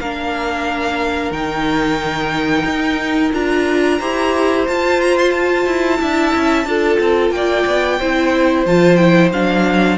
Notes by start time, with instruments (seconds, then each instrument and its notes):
0.00 cello A#3, viola D4, violin A#4 F5
1.31 cello D#3, viola D#4, violin G5
2.65 cello D#4
3.33 cello D4, viola F4, violin A#5
3.99 cello E4, viola G4, violin C5
4.66 viola F4, cello F4, violin A5
5.01 violin A#5
5.18 violin C6
5.31 violin A5
5.66 cello E4
5.99 cello D4, viola E4, violin E5
6.35 cello C#4
6.65 cello D4, viola F4, violin A4
6.99 cello C4
7.31 cello A#3, violin D5 G5
7.66 cello B3
7.99 cello C4, viola E4, violin C5
8.66 cello F3, viola F4, violin A5
8.96 viola E4, violin G5
9.32 cello F#3, viola D4, violin F5